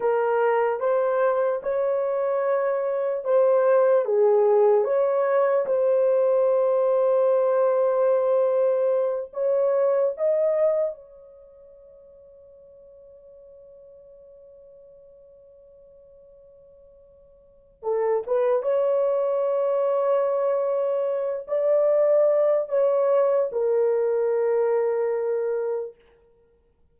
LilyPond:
\new Staff \with { instrumentName = "horn" } { \time 4/4 \tempo 4 = 74 ais'4 c''4 cis''2 | c''4 gis'4 cis''4 c''4~ | c''2.~ c''8 cis''8~ | cis''8 dis''4 cis''2~ cis''8~ |
cis''1~ | cis''2 a'8 b'8 cis''4~ | cis''2~ cis''8 d''4. | cis''4 ais'2. | }